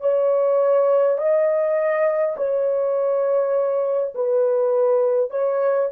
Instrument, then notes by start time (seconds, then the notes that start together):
horn
0.00 C#5
1.18 D#5
2.37 C#5
4.14 B4
5.30 C#5